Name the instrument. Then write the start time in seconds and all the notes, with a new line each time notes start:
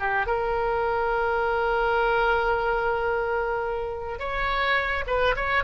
oboe
0.00 G4
0.27 A#4
4.20 C#5
5.07 B4
5.36 C#5